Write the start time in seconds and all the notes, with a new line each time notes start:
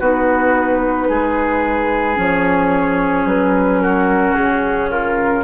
0.00 B3 D#4 F#4 B4
1.09 G#3 G#4
2.16 F3 C#4 C#5
3.25 F#3 B4
3.81 F#4 A#4
4.35 C#3 G#4
4.90 F4 A#4